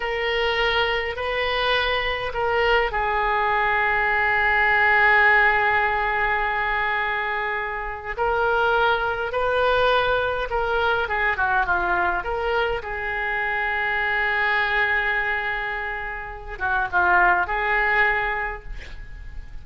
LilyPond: \new Staff \with { instrumentName = "oboe" } { \time 4/4 \tempo 4 = 103 ais'2 b'2 | ais'4 gis'2.~ | gis'1~ | gis'2 ais'2 |
b'2 ais'4 gis'8 fis'8 | f'4 ais'4 gis'2~ | gis'1~ | gis'8 fis'8 f'4 gis'2 | }